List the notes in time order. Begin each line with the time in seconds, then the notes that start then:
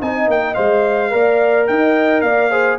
0.00 C4 D#4 D#5 G#5
0.28 A#3 G5
0.55 G#3 C5 F5
1.11 A#3 A#4 D5
1.67 D#4 D#5 G5
2.22 A#3 D5 F5
2.51 G#4 C5